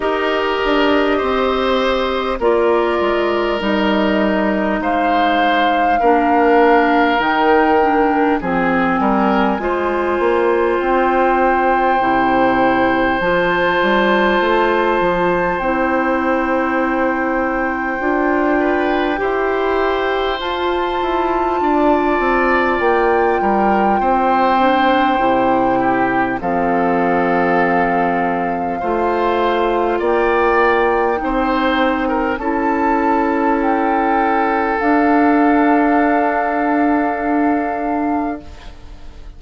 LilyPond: <<
  \new Staff \with { instrumentName = "flute" } { \time 4/4 \tempo 4 = 50 dis''2 d''4 dis''4 | f''2 g''4 gis''4~ | gis''4 g''2 a''4~ | a''4 g''2.~ |
g''4 a''2 g''4~ | g''2 f''2~ | f''4 g''2 a''4 | g''4 f''2. | }
  \new Staff \with { instrumentName = "oboe" } { \time 4/4 ais'4 c''4 ais'2 | c''4 ais'2 gis'8 ais'8 | c''1~ | c''2.~ c''8 b'8 |
c''2 d''4. ais'8 | c''4. g'8 a'2 | c''4 d''4 c''8. ais'16 a'4~ | a'1 | }
  \new Staff \with { instrumentName = "clarinet" } { \time 4/4 g'2 f'4 dis'4~ | dis'4 d'4 dis'8 d'8 c'4 | f'2 e'4 f'4~ | f'4 e'2 f'4 |
g'4 f'2.~ | f'8 d'8 e'4 c'2 | f'2 dis'4 e'4~ | e'4 d'2. | }
  \new Staff \with { instrumentName = "bassoon" } { \time 4/4 dis'8 d'8 c'4 ais8 gis8 g4 | gis4 ais4 dis4 f8 g8 | gis8 ais8 c'4 c4 f8 g8 | a8 f8 c'2 d'4 |
e'4 f'8 e'8 d'8 c'8 ais8 g8 | c'4 c4 f2 | a4 ais4 c'4 cis'4~ | cis'4 d'2. | }
>>